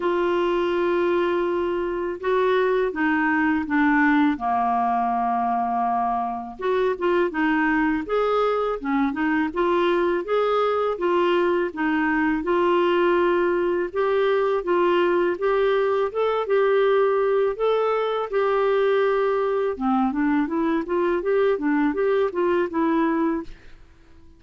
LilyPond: \new Staff \with { instrumentName = "clarinet" } { \time 4/4 \tempo 4 = 82 f'2. fis'4 | dis'4 d'4 ais2~ | ais4 fis'8 f'8 dis'4 gis'4 | cis'8 dis'8 f'4 gis'4 f'4 |
dis'4 f'2 g'4 | f'4 g'4 a'8 g'4. | a'4 g'2 c'8 d'8 | e'8 f'8 g'8 d'8 g'8 f'8 e'4 | }